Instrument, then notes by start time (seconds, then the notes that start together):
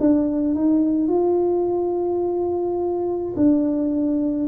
tuba
0.00 D4
0.55 D#4
1.09 F4
3.37 D4